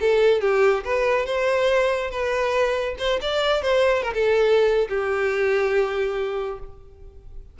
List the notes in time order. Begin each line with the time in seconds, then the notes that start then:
0.00 A4
0.41 G4
0.84 B4
1.26 C5
2.10 B4
2.98 C5
3.21 D5
3.62 C5
4.03 A#4
4.14 A4
4.89 G4